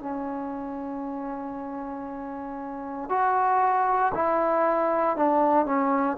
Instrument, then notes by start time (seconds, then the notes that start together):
trombone
0.00 C#4
3.09 F#4
4.15 E4
5.17 D4
5.66 C#4